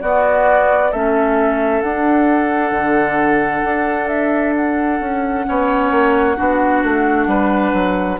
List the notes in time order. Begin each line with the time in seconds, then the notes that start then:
0.00 B3 F#4 D5
0.91 A3 C#4 A4 E5
1.81 D4 F#5
2.71 D3
3.64 D4
4.08 E5
4.55 F#5
5.00 C#4
5.45 B3 C#4 C#5
5.91 A#3
6.35 B3 D4 F#4
6.83 A3
7.26 G3 B4
7.73 F#3